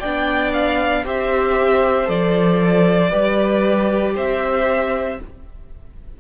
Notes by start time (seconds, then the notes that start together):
0.00 B3 D4 D5 G5
0.53 F5
1.05 C4 G4 C5 E5
2.06 F3 A4 D5
3.11 G3 G4 B4
4.15 C4 C5 E5